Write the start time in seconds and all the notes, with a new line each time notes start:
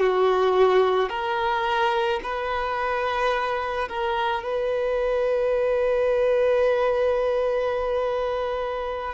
0.00 F#4
1.10 A#4
2.24 B4
3.89 A#4
4.44 B4